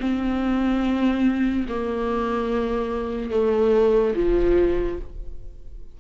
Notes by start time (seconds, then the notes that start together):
0.00 C4
1.69 A#3
3.31 A3
4.15 F3